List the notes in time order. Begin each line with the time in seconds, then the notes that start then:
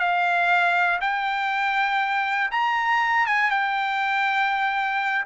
0.00 F5
1.01 G5
2.52 A#5
3.27 G#5
3.51 G5